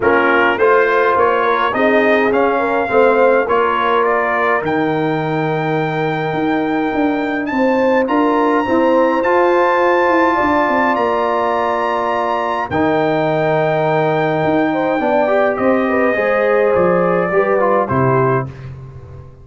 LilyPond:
<<
  \new Staff \with { instrumentName = "trumpet" } { \time 4/4 \tempo 4 = 104 ais'4 c''4 cis''4 dis''4 | f''2 cis''4 d''4 | g''1~ | g''4 a''4 ais''2 |
a''2. ais''4~ | ais''2 g''2~ | g''2. dis''4~ | dis''4 d''2 c''4 | }
  \new Staff \with { instrumentName = "horn" } { \time 4/4 f'4 c''4. ais'8 gis'4~ | gis'8 ais'8 c''4 ais'2~ | ais'1~ | ais'4 c''4 ais'4 c''4~ |
c''2 d''2~ | d''2 ais'2~ | ais'4. c''8 d''4 c''8 b'8 | c''2 b'4 g'4 | }
  \new Staff \with { instrumentName = "trombone" } { \time 4/4 cis'4 f'2 dis'4 | cis'4 c'4 f'2 | dis'1~ | dis'2 f'4 c'4 |
f'1~ | f'2 dis'2~ | dis'2 d'8 g'4. | gis'2 g'8 f'8 e'4 | }
  \new Staff \with { instrumentName = "tuba" } { \time 4/4 ais4 a4 ais4 c'4 | cis'4 a4 ais2 | dis2. dis'4 | d'4 c'4 d'4 e'4 |
f'4. e'8 d'8 c'8 ais4~ | ais2 dis2~ | dis4 dis'4 b4 c'4 | gis4 f4 g4 c4 | }
>>